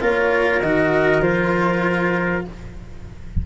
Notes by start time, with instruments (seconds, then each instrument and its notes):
0.00 tuba A#3, cello F4, trumpet A#4, flute C#5
0.61 tuba D#3, cello F#4, flute D#5
1.20 tuba F3, cello F4, flute C5